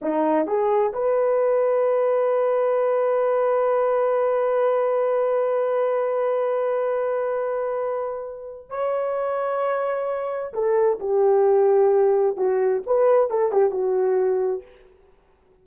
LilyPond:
\new Staff \with { instrumentName = "horn" } { \time 4/4 \tempo 4 = 131 dis'4 gis'4 b'2~ | b'1~ | b'1~ | b'1~ |
b'2. cis''4~ | cis''2. a'4 | g'2. fis'4 | b'4 a'8 g'8 fis'2 | }